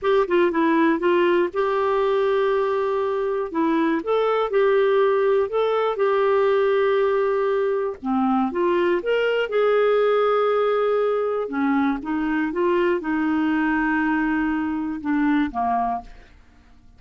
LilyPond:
\new Staff \with { instrumentName = "clarinet" } { \time 4/4 \tempo 4 = 120 g'8 f'8 e'4 f'4 g'4~ | g'2. e'4 | a'4 g'2 a'4 | g'1 |
c'4 f'4 ais'4 gis'4~ | gis'2. cis'4 | dis'4 f'4 dis'2~ | dis'2 d'4 ais4 | }